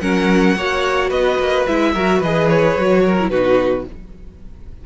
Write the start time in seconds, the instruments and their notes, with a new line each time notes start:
0.00 cello F#3, viola C#4, violin A#4 F#5
0.55 cello A#3, viola F#4, violin C#5
1.09 cello B3, violin B4 D#5
1.38 cello A#3
1.66 cello G#3, viola E4, violin E5
1.93 cello F#3, viola F#4, violin A#4
2.18 cello E3, viola G#4, violin B4 D#5
2.48 violin C#5
2.76 cello F#3, viola F#4
3.04 violin A#4
3.20 viola E4
3.29 cello B2, viola D#4, violin F#4 B4